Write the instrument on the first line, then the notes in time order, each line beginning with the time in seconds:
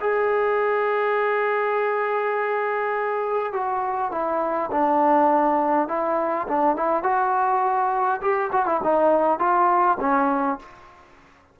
trombone
0.00 G#4
3.52 F#4
4.11 E4
4.71 D4
5.88 E4
6.48 D4
6.76 E4
7.03 F#4
8.21 G4
8.52 F#4
8.66 E4
8.83 D#4
9.39 F4
10.00 C#4